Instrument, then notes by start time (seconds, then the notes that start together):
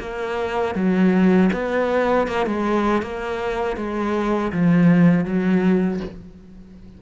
cello
0.00 A#3
0.75 F#3
1.53 B3
2.27 A#3
2.46 G#3
3.02 A#3
3.77 G#3
4.52 F3
5.25 F#3